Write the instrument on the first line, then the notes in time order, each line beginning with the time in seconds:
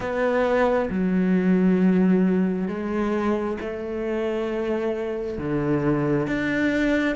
cello
0.00 B3
0.90 F#3
2.67 G#3
3.60 A3
5.38 D3
6.27 D4